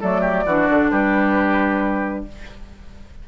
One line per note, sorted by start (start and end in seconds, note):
0.00 0.45 F#3
0.00 0.45 A3
0.00 0.21 A4
0.00 0.90 D5
0.21 0.43 G4
0.45 0.67 E3
0.45 2.28 D4
0.45 0.90 F#4
0.70 0.91 D3
0.90 2.26 G3
0.90 2.25 G4
0.90 2.25 B4